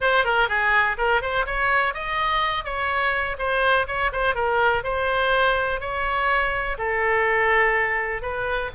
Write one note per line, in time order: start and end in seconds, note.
0.00 0.24 C5
0.24 0.48 A#4
0.48 0.97 G#4
0.97 1.21 A#4
1.21 1.45 C5
1.46 1.94 C#5
1.94 2.64 D#5
2.64 3.37 C#5
3.38 3.86 C5
3.87 4.11 C#5
4.12 4.35 C5
4.35 4.83 A#4
4.83 5.80 C5
5.80 6.77 C#5
6.77 8.21 A4
8.21 8.70 B4